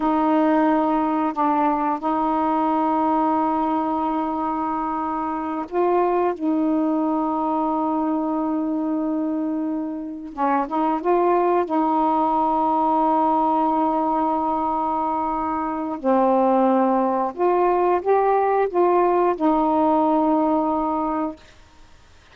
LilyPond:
\new Staff \with { instrumentName = "saxophone" } { \time 4/4 \tempo 4 = 90 dis'2 d'4 dis'4~ | dis'1~ | dis'8 f'4 dis'2~ dis'8~ | dis'2.~ dis'8 cis'8 |
dis'8 f'4 dis'2~ dis'8~ | dis'1 | c'2 f'4 g'4 | f'4 dis'2. | }